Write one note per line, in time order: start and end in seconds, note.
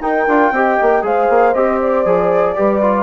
0.00 0.25 D#4
0.00 0.27 D#4
0.00 0.53 A#4
0.00 1.03 G5
0.28 0.51 D4
0.28 0.54 F4
0.51 0.77 C4
0.51 1.02 G4
0.51 1.05 D#5
0.81 1.03 A#3
1.02 1.28 G#3
1.02 1.53 G#4
1.02 2.57 C5
1.02 1.54 F5
1.29 1.55 A#3
1.54 2.05 C4
1.54 2.06 G4
1.54 1.79 D#5
1.82 3.03 D5
2.05 2.56 F3
2.05 2.55 G#4
2.55 3.03 G3
2.55 2.81 G4
2.55 3.03 B4
2.82 3.03 F4